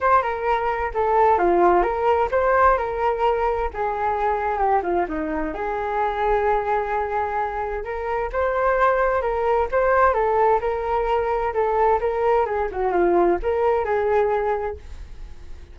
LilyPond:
\new Staff \with { instrumentName = "flute" } { \time 4/4 \tempo 4 = 130 c''8 ais'4. a'4 f'4 | ais'4 c''4 ais'2 | gis'2 g'8 f'8 dis'4 | gis'1~ |
gis'4 ais'4 c''2 | ais'4 c''4 a'4 ais'4~ | ais'4 a'4 ais'4 gis'8 fis'8 | f'4 ais'4 gis'2 | }